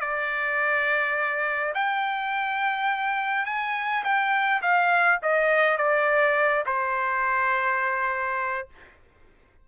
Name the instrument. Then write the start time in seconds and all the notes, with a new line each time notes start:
trumpet
0.00 D5
1.74 G5
3.46 G#5
4.04 G5
4.62 F5
5.22 D#5
5.78 D5
6.66 C5